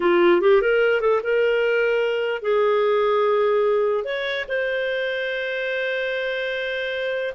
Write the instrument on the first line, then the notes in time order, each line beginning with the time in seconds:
clarinet
0.00 F4
0.41 G4
0.61 A#4
1.00 A4
1.23 A#4
2.42 G#4
4.04 C#5
4.48 C5